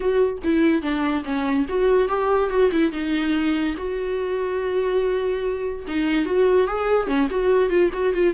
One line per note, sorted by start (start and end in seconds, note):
0.00 0.37 F#4
0.44 0.81 E4
0.81 1.23 D4
1.24 1.66 C#4
1.68 2.08 F#4
2.08 2.49 G4
2.49 2.70 F#4
2.71 2.91 E4
2.92 3.75 D#4
3.77 5.85 F#4
5.87 6.25 D#4
6.25 6.67 F#4
6.67 7.07 G#4
7.07 7.28 C#4
7.30 7.69 F#4
7.69 7.90 F4
7.93 8.13 F#4
8.13 8.34 F4